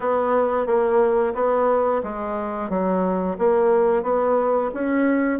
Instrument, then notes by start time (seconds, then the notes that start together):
bassoon
0.00 B3
0.66 A#3
1.34 B3
2.03 G#3
2.69 F#3
3.38 A#3
4.03 B3
4.74 C#4